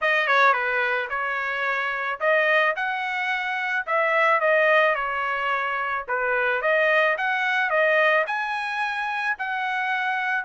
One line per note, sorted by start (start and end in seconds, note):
0.01 0.27 D#5
0.27 0.53 C#5
0.53 1.08 B4
1.09 2.19 C#5
2.20 2.75 D#5
2.75 3.86 F#5
3.86 4.40 E5
4.40 4.95 D#5
4.95 6.05 C#5
6.08 6.61 B4
6.61 7.16 D#5
7.17 7.69 F#5
7.69 8.24 D#5
8.26 9.37 G#5
9.38 10.44 F#5